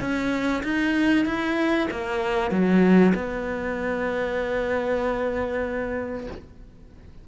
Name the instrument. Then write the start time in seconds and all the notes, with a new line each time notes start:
cello
0.00 C#4
0.63 D#4
1.25 E4
1.91 A#3
2.50 F#3
3.14 B3